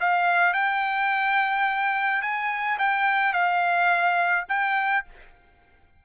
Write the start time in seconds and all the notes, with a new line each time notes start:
0.00 F5
0.54 G5
2.22 G#5
2.79 G5
3.33 F5
4.49 G5